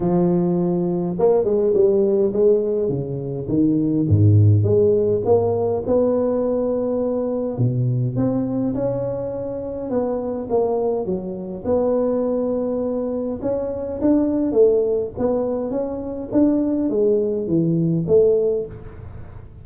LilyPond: \new Staff \with { instrumentName = "tuba" } { \time 4/4 \tempo 4 = 103 f2 ais8 gis8 g4 | gis4 cis4 dis4 gis,4 | gis4 ais4 b2~ | b4 b,4 c'4 cis'4~ |
cis'4 b4 ais4 fis4 | b2. cis'4 | d'4 a4 b4 cis'4 | d'4 gis4 e4 a4 | }